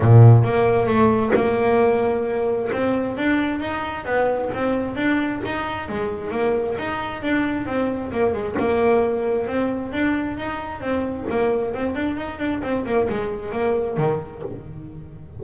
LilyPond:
\new Staff \with { instrumentName = "double bass" } { \time 4/4 \tempo 4 = 133 ais,4 ais4 a4 ais4~ | ais2 c'4 d'4 | dis'4 b4 c'4 d'4 | dis'4 gis4 ais4 dis'4 |
d'4 c'4 ais8 gis8 ais4~ | ais4 c'4 d'4 dis'4 | c'4 ais4 c'8 d'8 dis'8 d'8 | c'8 ais8 gis4 ais4 dis4 | }